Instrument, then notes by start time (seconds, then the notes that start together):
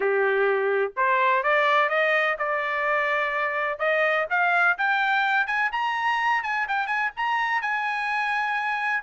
trumpet
0.00 G4
0.96 C5
1.43 D5
1.89 D#5
2.38 D5
3.79 D#5
4.29 F5
4.78 G5
5.46 G#5
5.72 A#5
6.43 G#5
6.68 G5
6.87 G#5
7.16 A#5
7.61 G#5